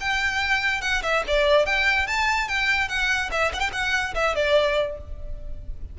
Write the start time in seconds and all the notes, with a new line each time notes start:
0.00 G5
0.81 F#5
1.02 E5
1.27 D5
1.65 G5
2.07 A5
2.48 G5
2.88 F#5
3.31 E5
3.53 F#5
3.59 G5
3.72 F#5
4.14 E5
4.35 D5